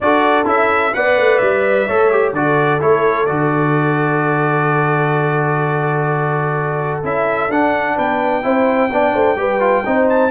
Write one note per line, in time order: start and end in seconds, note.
0.00 0.46 D4
0.00 0.45 F#4
0.00 0.95 A4
0.00 0.47 D5
0.45 0.93 C#4
0.45 0.92 E4
0.45 0.94 E5
0.94 1.17 B3
0.94 1.88 B4
0.94 1.87 D5
0.94 1.38 F#5
1.17 1.40 A3
1.38 1.88 G3
1.38 2.32 E5
1.87 2.32 A3
1.87 2.11 A4
1.87 2.34 C#5
2.11 2.34 G4
2.32 2.79 D3
2.32 2.80 F#4
2.32 7.95 A4
2.32 2.80 D5
2.80 3.29 A3
2.80 3.26 E4
2.80 3.26 C#5
3.26 7.03 D3
3.26 7.03 F#4
3.26 7.01 D5
7.03 7.48 C#4
7.03 7.50 E4
7.03 7.51 E5
7.48 7.95 D4
7.48 8.42 D4
7.48 7.98 F#5
7.95 8.44 B3
7.95 8.42 B4
7.95 10.09 G5
8.42 8.90 C4
8.42 8.89 E4
8.42 8.91 C5
8.90 9.14 B3
8.90 9.36 D4
8.90 9.13 D5
9.13 9.36 A3
9.13 9.37 C5
9.36 9.83 G3
9.36 9.60 G4
9.36 9.86 B4
9.60 9.83 F4
9.85 10.30 C4
9.85 10.30 D#4
9.85 10.30 C5
10.09 10.30 A5